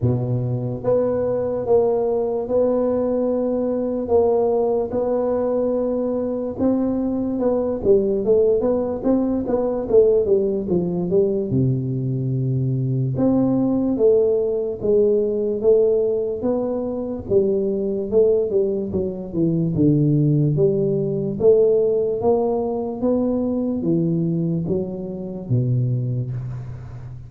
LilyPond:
\new Staff \with { instrumentName = "tuba" } { \time 4/4 \tempo 4 = 73 b,4 b4 ais4 b4~ | b4 ais4 b2 | c'4 b8 g8 a8 b8 c'8 b8 | a8 g8 f8 g8 c2 |
c'4 a4 gis4 a4 | b4 g4 a8 g8 fis8 e8 | d4 g4 a4 ais4 | b4 e4 fis4 b,4 | }